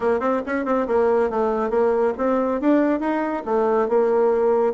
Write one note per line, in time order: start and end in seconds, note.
0.00 0.19 A#3
0.19 0.41 C4
0.46 0.65 C#4
0.65 0.86 C4
0.87 1.30 A#3
1.30 1.70 A3
1.70 2.13 A#3
2.17 2.60 C4
2.60 2.99 D4
2.99 3.43 D#4
3.45 3.88 A3
3.88 4.73 A#3